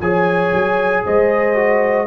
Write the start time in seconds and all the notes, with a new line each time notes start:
0.00 F3 G#4 C#5 G#5
0.53 F#3
1.04 G#3 C5 D#5
1.55 F#4